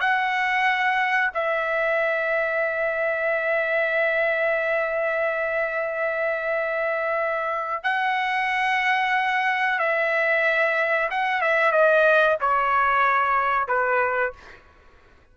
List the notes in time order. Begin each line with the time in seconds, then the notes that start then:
0.00 F#5
1.34 E5
7.83 F#5
9.79 E5
11.10 F#5
11.41 E5
11.71 D#5
12.40 C#5
13.67 B4